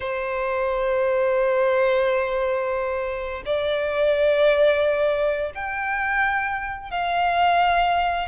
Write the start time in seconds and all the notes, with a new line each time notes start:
0.00 C5
3.45 D5
5.55 G5
6.91 F5